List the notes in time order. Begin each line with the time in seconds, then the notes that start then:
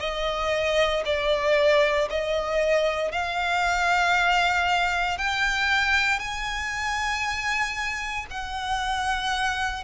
0.00 D#5
1.05 D5
2.10 D#5
3.12 F5
5.18 G5
6.19 G#5
8.30 F#5